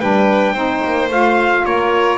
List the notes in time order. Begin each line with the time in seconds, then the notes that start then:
0.00 G3 D4 B4 G5
0.53 C4 D#4 C5
0.85 A#3
1.09 A3 F4 F5
1.64 A#3 A#4 C#5